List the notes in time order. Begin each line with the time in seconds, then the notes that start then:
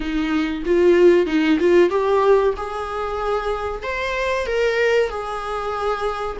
0.00 D#4
0.65 F4
1.26 D#4
1.59 F4
1.90 G4
2.56 G#4
3.83 C5
4.46 A#4
5.09 G#4